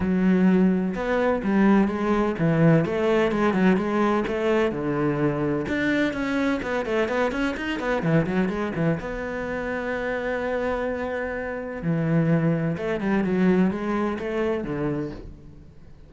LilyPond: \new Staff \with { instrumentName = "cello" } { \time 4/4 \tempo 4 = 127 fis2 b4 g4 | gis4 e4 a4 gis8 fis8 | gis4 a4 d2 | d'4 cis'4 b8 a8 b8 cis'8 |
dis'8 b8 e8 fis8 gis8 e8 b4~ | b1~ | b4 e2 a8 g8 | fis4 gis4 a4 d4 | }